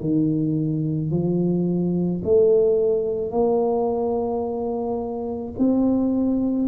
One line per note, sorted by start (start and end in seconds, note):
0.00 1.11 D#3
1.11 2.22 F3
2.24 3.30 A3
3.30 5.53 A#3
5.58 6.68 C4